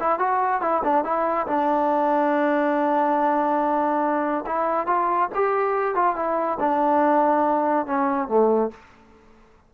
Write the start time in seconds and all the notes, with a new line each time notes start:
0.00 E4
0.19 F#4
0.62 E4
0.84 D4
1.04 E4
1.47 D4
4.46 E4
4.86 F4
5.35 G4
5.95 F4
6.16 E4
6.60 D4
7.86 C#4
8.28 A3